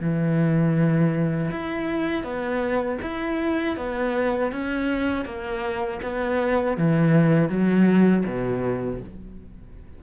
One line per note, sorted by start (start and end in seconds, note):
0.00 1.50 E3
1.50 2.23 E4
2.23 2.98 B3
3.02 3.76 E4
3.76 4.51 B3
4.52 5.25 C#4
5.25 6.00 A#3
6.02 6.77 B3
6.77 7.49 E3
7.49 8.24 F#3
8.25 9.00 B2